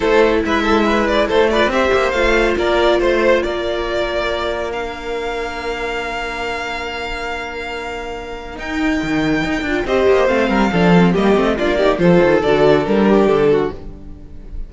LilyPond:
<<
  \new Staff \with { instrumentName = "violin" } { \time 4/4 \tempo 4 = 140 c''4 e''4. d''8 c''8 d''8 | e''4 f''4 d''4 c''4 | d''2. f''4~ | f''1~ |
f''1 | g''2. dis''4 | f''2 dis''4 d''4 | c''4 d''4 ais'4 a'4 | }
  \new Staff \with { instrumentName = "violin" } { \time 4/4 a'4 b'8 a'8 b'4 a'8 b'8 | c''2 ais'4 c''4 | ais'1~ | ais'1~ |
ais'1~ | ais'2. c''4~ | c''8 ais'8 a'4 g'4 f'8 g'8 | a'2~ a'8 g'4 fis'8 | }
  \new Staff \with { instrumentName = "viola" } { \time 4/4 e'2.~ e'8 f'8 | g'4 f'2.~ | f'2. d'4~ | d'1~ |
d'1 | dis'2~ dis'8 f'8 g'4 | c'4 d'8 c'8 ais8 c'8 d'8 dis'8 | f'4 fis'4 d'2 | }
  \new Staff \with { instrumentName = "cello" } { \time 4/4 a4 gis2 a4 | c'8 ais8 a4 ais4 a4 | ais1~ | ais1~ |
ais1 | dis'4 dis4 dis'8 d'8 c'8 ais8 | a8 g8 f4 g8 a8 ais4 | f8 dis8 d4 g4 d4 | }
>>